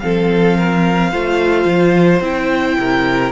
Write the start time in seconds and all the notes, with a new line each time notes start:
0.00 F3 C4 A4 F5
0.58 A#4
1.11 A3 F4 C5
1.66 F3
2.21 C4 E4 G5
2.77 C3 A#4